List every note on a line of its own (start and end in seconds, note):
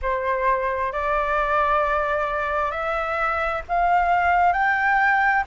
0.02 0.92 C5
0.92 2.71 D5
2.71 3.62 E5
3.68 4.52 F5
4.52 5.43 G5